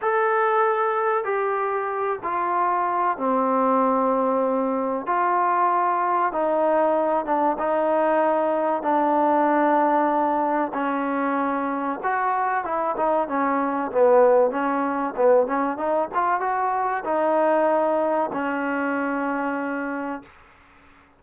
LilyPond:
\new Staff \with { instrumentName = "trombone" } { \time 4/4 \tempo 4 = 95 a'2 g'4. f'8~ | f'4 c'2. | f'2 dis'4. d'8 | dis'2 d'2~ |
d'4 cis'2 fis'4 | e'8 dis'8 cis'4 b4 cis'4 | b8 cis'8 dis'8 f'8 fis'4 dis'4~ | dis'4 cis'2. | }